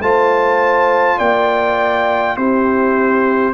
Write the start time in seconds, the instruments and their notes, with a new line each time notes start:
0.00 tuba A3, trombone F4, horn C5, trumpet A5
1.18 tuba A#3, horn D5, trumpet G5
2.37 tuba C4, trombone E4, horn G4, trumpet C5